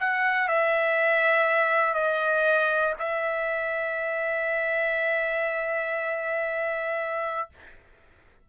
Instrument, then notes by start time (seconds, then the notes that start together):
trumpet
0.00 F#5
0.48 E5
1.94 D#5
2.99 E5